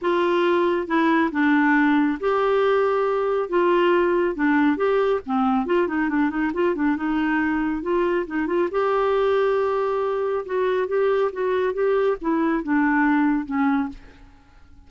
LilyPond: \new Staff \with { instrumentName = "clarinet" } { \time 4/4 \tempo 4 = 138 f'2 e'4 d'4~ | d'4 g'2. | f'2 d'4 g'4 | c'4 f'8 dis'8 d'8 dis'8 f'8 d'8 |
dis'2 f'4 dis'8 f'8 | g'1 | fis'4 g'4 fis'4 g'4 | e'4 d'2 cis'4 | }